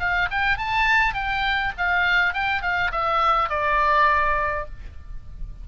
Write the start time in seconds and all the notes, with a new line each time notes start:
0.00 F5
0.31 G5
0.58 A5
1.14 G5
1.78 F5
2.34 G5
2.62 F5
2.92 E5
3.50 D5